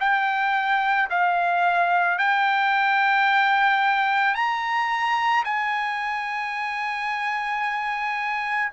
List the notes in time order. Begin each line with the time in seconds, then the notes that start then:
0.00 G5
1.11 F5
2.19 G5
4.35 A#5
5.45 G#5